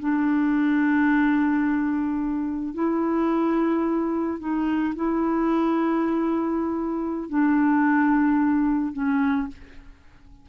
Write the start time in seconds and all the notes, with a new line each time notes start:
0.00 D4
2.74 E4
4.39 D#4
4.96 E4
7.30 D4
8.93 C#4